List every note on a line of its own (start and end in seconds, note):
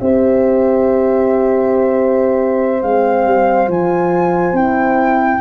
0.00 2.83 C4
0.00 2.83 G4
0.00 5.41 C5
0.00 2.82 E5
2.82 3.25 G#3
2.82 3.68 C4
2.82 3.69 F5
3.25 3.68 G3
3.68 4.53 F3
3.68 4.54 F4
3.68 4.56 G#5
4.53 5.39 C4
4.53 5.41 E4
4.53 5.41 G5